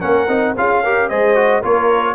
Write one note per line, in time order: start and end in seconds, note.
0.00 0.27 A#3
0.00 0.27 C#4
0.00 0.54 A#4
0.00 0.54 F#5
0.27 0.54 C4
0.27 0.55 D#4
0.56 1.10 C#4
0.56 0.83 F4
0.56 0.83 G#4
0.56 1.09 F5
0.83 1.10 G4
0.83 1.09 A#4
1.09 1.63 G#3
1.09 1.35 G#4
1.09 1.61 C5
1.09 1.62 D#5
1.35 1.61 F#4
1.61 2.15 A#3
1.61 2.15 F4
1.61 2.15 A#4
1.61 2.15 C#5